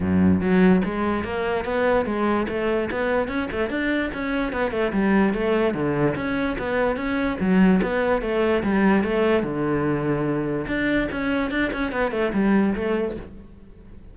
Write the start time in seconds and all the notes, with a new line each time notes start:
0.00 F#2
0.41 F#3
0.84 G#3
1.23 A#3
1.64 B3
2.05 G#3
2.48 A3
2.90 B3
3.27 C#4
3.51 A3
3.69 D4
4.13 C#4
4.52 B3
4.71 A3
4.92 G3
5.33 A3
5.74 D3
6.15 C#4
6.58 B3
6.96 C#4
7.40 F#3
7.82 B3
8.21 A3
8.63 G3
9.03 A3
9.43 D3
10.67 D4
11.11 C#4
11.50 D4
11.72 C#4
11.92 B3
12.11 A3
12.33 G3
12.75 A3